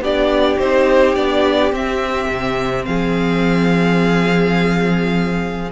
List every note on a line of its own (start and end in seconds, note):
0.00 0.57 B3
0.00 0.59 D4
0.00 2.87 G4
0.00 0.59 D5
0.59 1.16 C4
0.59 1.16 D#4
0.59 1.15 C5
1.15 1.72 B3
1.15 1.73 D4
1.15 1.72 D5
1.72 2.28 C4
1.72 5.71 C4
1.72 2.85 E5
2.28 2.85 C3
2.85 5.71 F3
2.85 5.71 G#4
2.85 5.71 F5